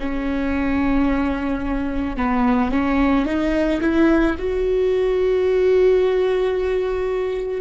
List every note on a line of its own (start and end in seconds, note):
0.00 2.17 C#4
2.17 2.72 B3
2.72 3.26 C#4
3.26 3.81 D#4
3.81 4.36 E4
4.39 7.62 F#4